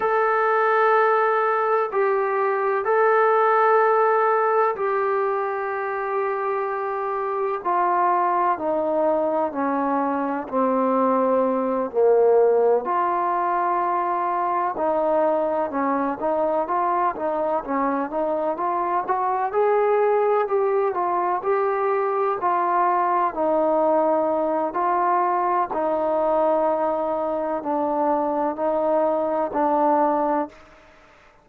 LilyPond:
\new Staff \with { instrumentName = "trombone" } { \time 4/4 \tempo 4 = 63 a'2 g'4 a'4~ | a'4 g'2. | f'4 dis'4 cis'4 c'4~ | c'8 ais4 f'2 dis'8~ |
dis'8 cis'8 dis'8 f'8 dis'8 cis'8 dis'8 f'8 | fis'8 gis'4 g'8 f'8 g'4 f'8~ | f'8 dis'4. f'4 dis'4~ | dis'4 d'4 dis'4 d'4 | }